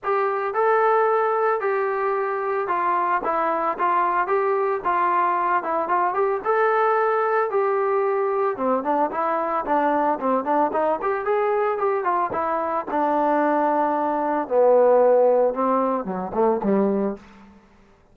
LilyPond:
\new Staff \with { instrumentName = "trombone" } { \time 4/4 \tempo 4 = 112 g'4 a'2 g'4~ | g'4 f'4 e'4 f'4 | g'4 f'4. e'8 f'8 g'8 | a'2 g'2 |
c'8 d'8 e'4 d'4 c'8 d'8 | dis'8 g'8 gis'4 g'8 f'8 e'4 | d'2. b4~ | b4 c'4 fis8 a8 g4 | }